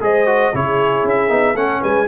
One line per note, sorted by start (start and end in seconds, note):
0.00 0.52 G#3
0.00 0.26 G#4
0.00 0.53 C5
0.00 0.55 D#5
0.26 0.52 F#4
0.53 1.04 C#3
0.53 1.28 E4
0.53 1.56 G#4
0.53 1.07 C#5
1.04 1.29 C#4
1.04 1.56 E5
1.28 1.54 B3
1.28 1.54 D#4
1.54 1.80 A3
1.54 2.07 C#4
1.54 1.81 A4
1.54 1.82 F#5
1.81 2.07 G#3
1.81 2.06 B4
1.81 2.07 G#5